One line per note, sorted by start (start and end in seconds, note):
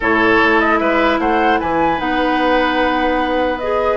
0.00 0.41 A2
0.00 1.97 E4
0.00 0.79 A4
0.00 0.60 C#5
0.44 0.80 A3
0.60 0.78 D#5
0.78 1.18 G#3
0.78 1.20 B4
0.78 1.18 E5
1.18 1.58 A3
1.18 1.59 C5
1.18 1.59 F#5
1.59 2.00 E3
1.59 3.97 B4
1.59 1.99 G#5
1.97 3.97 B3
1.97 3.57 D#4
1.97 3.59 F#5
3.59 3.97 G#4
3.59 3.97 D#5